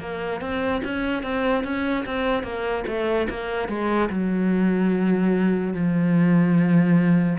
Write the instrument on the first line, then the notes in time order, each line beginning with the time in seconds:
cello
0.00 A#3
0.41 C4
0.84 C#4
1.23 C4
1.64 C#4
2.05 C4
2.43 A#3
2.87 A3
3.30 A#3
3.68 G#3
4.09 F#3
5.74 F3